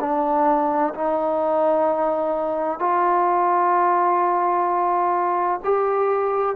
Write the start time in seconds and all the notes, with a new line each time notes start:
0.00 D4
0.95 D#4
2.80 F4
5.65 G4